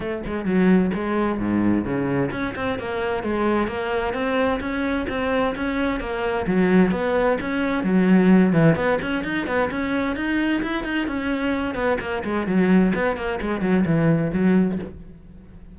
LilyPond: \new Staff \with { instrumentName = "cello" } { \time 4/4 \tempo 4 = 130 a8 gis8 fis4 gis4 gis,4 | cis4 cis'8 c'8 ais4 gis4 | ais4 c'4 cis'4 c'4 | cis'4 ais4 fis4 b4 |
cis'4 fis4. e8 b8 cis'8 | dis'8 b8 cis'4 dis'4 e'8 dis'8 | cis'4. b8 ais8 gis8 fis4 | b8 ais8 gis8 fis8 e4 fis4 | }